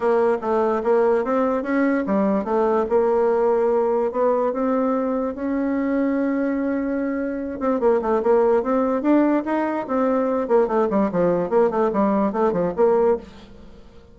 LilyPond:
\new Staff \with { instrumentName = "bassoon" } { \time 4/4 \tempo 4 = 146 ais4 a4 ais4 c'4 | cis'4 g4 a4 ais4~ | ais2 b4 c'4~ | c'4 cis'2.~ |
cis'2~ cis'8 c'8 ais8 a8 | ais4 c'4 d'4 dis'4 | c'4. ais8 a8 g8 f4 | ais8 a8 g4 a8 f8 ais4 | }